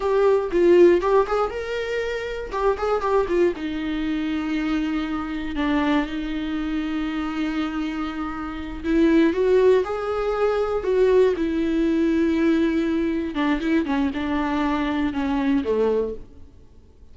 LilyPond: \new Staff \with { instrumentName = "viola" } { \time 4/4 \tempo 4 = 119 g'4 f'4 g'8 gis'8 ais'4~ | ais'4 g'8 gis'8 g'8 f'8 dis'4~ | dis'2. d'4 | dis'1~ |
dis'4. e'4 fis'4 gis'8~ | gis'4. fis'4 e'4.~ | e'2~ e'8 d'8 e'8 cis'8 | d'2 cis'4 a4 | }